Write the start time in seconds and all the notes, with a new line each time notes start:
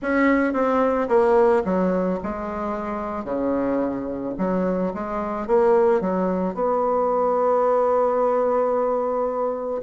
0.01 C#4
0.53 C4
1.08 A#3
1.64 F#3
2.23 G#3
3.24 C#3
4.38 F#3
4.94 G#3
5.47 A#3
6.00 F#3
6.54 B3